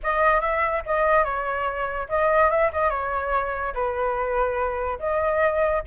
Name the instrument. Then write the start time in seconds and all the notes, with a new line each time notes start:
flute
0.03 D#5
0.41 E5
0.85 D#5
1.24 C#5
2.09 D#5
2.50 E5
2.72 D#5
2.90 C#5
3.73 B4
4.99 D#5